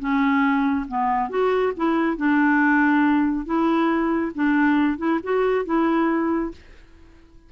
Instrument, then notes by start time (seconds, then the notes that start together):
clarinet
0.00 C#4
0.88 B3
1.30 F#4
1.76 E4
2.17 D4
3.46 E4
4.35 D4
4.98 E4
5.23 F#4
5.65 E4